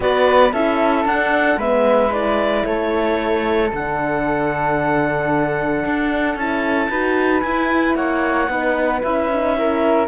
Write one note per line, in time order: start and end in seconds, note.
0.00 0.52 B3
0.00 0.51 F#4
0.00 0.52 B4
0.00 0.53 D5
0.52 1.05 C#4
0.52 1.07 E4
0.52 1.57 A4
0.52 1.06 E5
1.05 1.57 D4
1.05 1.60 D4
1.05 1.59 F#5
1.57 2.63 G#3
1.57 2.10 B3
1.57 2.64 B4
1.57 2.12 E5
2.10 3.69 E4
2.10 2.65 D5
2.65 3.72 A3
2.65 6.89 A4
2.65 3.71 C#5
3.72 5.84 D3
3.72 6.38 D4
3.72 6.37 F#5
5.85 6.35 D4
6.35 6.88 C#4
6.35 6.90 E4
6.35 7.40 A5
6.89 7.43 D#4
6.89 7.43 F#4
6.89 7.96 B4
7.40 7.95 E4
7.40 8.49 E4
7.40 7.93 G#5
7.95 8.48 A#3
7.95 8.49 C#5
7.95 9.02 F#5
8.48 9.01 B3
8.48 9.02 D#4
8.48 9.57 B4
9.02 10.07 C#4
9.02 9.31 E4
9.02 10.07 E5
9.33 9.54 D#4
9.54 10.07 E4
9.54 10.07 A#4